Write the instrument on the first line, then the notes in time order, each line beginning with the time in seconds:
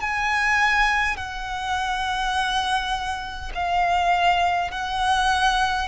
violin
0.00 G#5
1.17 F#5
3.55 F5
4.71 F#5